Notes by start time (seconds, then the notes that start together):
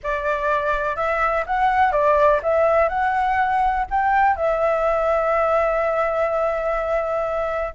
0.03 D5
0.96 E5
1.46 F#5
1.91 D5
2.43 E5
2.89 F#5
3.90 G5
4.35 E5